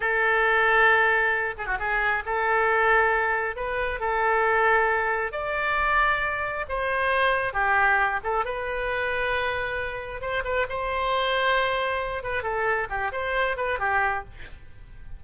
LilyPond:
\new Staff \with { instrumentName = "oboe" } { \time 4/4 \tempo 4 = 135 a'2.~ a'8 gis'16 fis'16 | gis'4 a'2. | b'4 a'2. | d''2. c''4~ |
c''4 g'4. a'8 b'4~ | b'2. c''8 b'8 | c''2.~ c''8 b'8 | a'4 g'8 c''4 b'8 g'4 | }